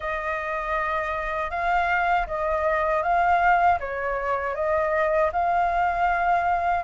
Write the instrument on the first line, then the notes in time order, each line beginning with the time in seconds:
flute
0.00 D#5
1.50 F5
2.26 D#5
3.02 F5
3.79 C#5
4.55 D#5
5.32 F5